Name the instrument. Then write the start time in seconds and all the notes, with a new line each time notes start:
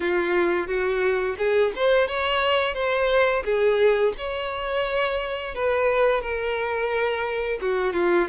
violin
0.00 F4
0.67 F#4
1.38 G#4
1.75 C5
2.07 C#5
2.74 C5
3.44 G#4
4.17 C#5
5.54 B4
6.21 A#4
7.61 F#4
7.93 F4